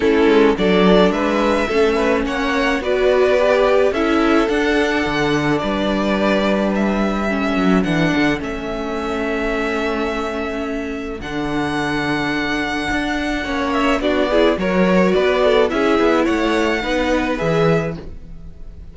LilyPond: <<
  \new Staff \with { instrumentName = "violin" } { \time 4/4 \tempo 4 = 107 a'4 d''4 e''2 | fis''4 d''2 e''4 | fis''2 d''2 | e''2 fis''4 e''4~ |
e''1 | fis''1~ | fis''8 e''8 d''4 cis''4 d''4 | e''4 fis''2 e''4 | }
  \new Staff \with { instrumentName = "violin" } { \time 4/4 e'4 a'4 b'4 a'8 b'8 | cis''4 b'2 a'4~ | a'2 b'2~ | b'4 a'2.~ |
a'1~ | a'1 | cis''4 fis'8 gis'8 ais'4 b'8 a'8 | gis'4 cis''4 b'2 | }
  \new Staff \with { instrumentName = "viola" } { \time 4/4 cis'4 d'2 cis'4~ | cis'4 fis'4 g'4 e'4 | d'1~ | d'4 cis'4 d'4 cis'4~ |
cis'1 | d'1 | cis'4 d'8 e'8 fis'2 | e'2 dis'4 gis'4 | }
  \new Staff \with { instrumentName = "cello" } { \time 4/4 a8 gis8 fis4 gis4 a4 | ais4 b2 cis'4 | d'4 d4 g2~ | g4. fis8 e8 d8 a4~ |
a1 | d2. d'4 | ais4 b4 fis4 b4 | cis'8 b8 a4 b4 e4 | }
>>